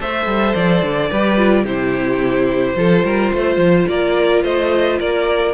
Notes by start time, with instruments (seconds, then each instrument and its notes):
0.00 cello A3, viola A4, violin C5 E5
0.26 cello G3
0.55 cello F3, violin D5
0.83 cello D3
1.09 cello G3, viola G4, violin B4
1.37 viola F4
1.64 cello C3, viola E4, violin G4 C5
2.76 cello F3, viola F4, violin A4
3.04 cello G3, violin A#4
3.33 cello A3, violin C5
3.57 cello F3
3.87 cello A#3, violin A#4 D5
4.44 cello A3, violin C5 D#5
4.99 cello A#3, violin A#4 D5